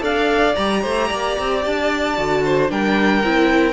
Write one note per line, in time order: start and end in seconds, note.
0.00 0.55 D4
0.00 0.54 A4
0.00 0.82 D5
0.00 0.55 F5
0.55 0.84 G3
0.55 2.17 G4
0.55 1.62 A#5
0.82 1.11 A3
0.82 1.07 C5
1.07 1.38 A#3
1.07 2.41 D5
1.39 1.65 C4
1.65 2.17 D4
1.65 2.70 A5
2.17 2.70 D3
2.17 2.69 F#4
2.44 2.71 C5
2.69 3.23 G3
2.69 3.22 D4
2.69 3.73 A#4
2.69 3.73 G5
3.23 3.73 C4
3.23 3.73 E4